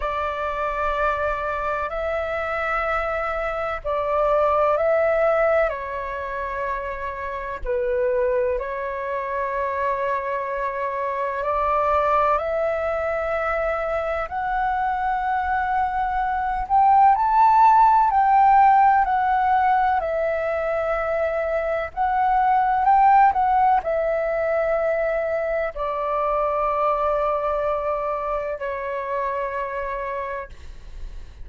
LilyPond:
\new Staff \with { instrumentName = "flute" } { \time 4/4 \tempo 4 = 63 d''2 e''2 | d''4 e''4 cis''2 | b'4 cis''2. | d''4 e''2 fis''4~ |
fis''4. g''8 a''4 g''4 | fis''4 e''2 fis''4 | g''8 fis''8 e''2 d''4~ | d''2 cis''2 | }